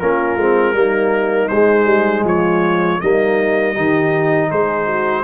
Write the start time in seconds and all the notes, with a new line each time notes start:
0.00 A#3 C#4 F4 A#4
0.37 G#3 C4
0.73 G3 A#3 D#4
1.48 G#3 C5
1.85 G3
2.24 F3 F4 C#5
2.99 G3 A#3 D#4 D#5
3.72 D#3 D#4 G4
4.51 G#3 G#4 C5
4.86 F#4